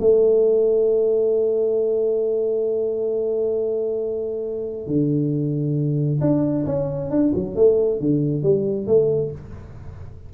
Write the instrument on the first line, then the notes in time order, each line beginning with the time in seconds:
tuba
0.00 A3
4.87 D3
6.21 D4
6.66 C#4
7.11 D4
7.35 F#3
7.56 A3
8.00 D3
8.43 G3
8.87 A3